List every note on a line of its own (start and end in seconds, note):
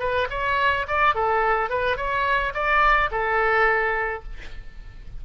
0.00 0.28 B4
0.31 0.87 C#5
0.88 1.15 D5
1.15 1.70 A4
1.70 1.97 B4
1.97 2.53 C#5
2.54 3.10 D5
3.11 4.24 A4